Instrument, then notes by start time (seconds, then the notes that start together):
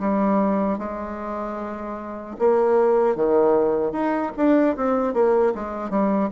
bassoon
0.00 G3
0.79 G#3
2.39 A#3
3.16 D#3
3.93 D#4
4.37 D4
4.77 C4
5.14 A#3
5.55 G#3
5.90 G3